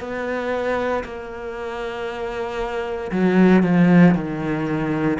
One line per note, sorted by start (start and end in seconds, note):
0.00 1.03 B3
1.04 3.11 A#3
3.11 3.63 F#3
3.63 4.15 F3
4.15 5.18 D#3